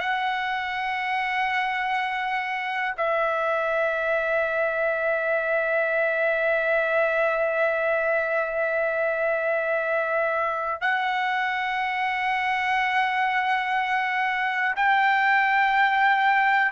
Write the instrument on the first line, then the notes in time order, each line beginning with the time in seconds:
trumpet
0.00 F#5
2.97 E5
10.82 F#5
14.76 G5